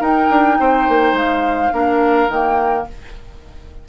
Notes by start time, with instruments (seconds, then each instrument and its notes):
0.00 bassoon D#4, clarinet D#4, oboe A#4, flute G5
0.30 bassoon D4
0.60 bassoon C4, oboe C5
0.88 bassoon A#3
1.13 bassoon G#3, flute F5
1.72 bassoon A#3, clarinet D4, oboe A#4
2.28 bassoon D#3, clarinet A#3, flute G5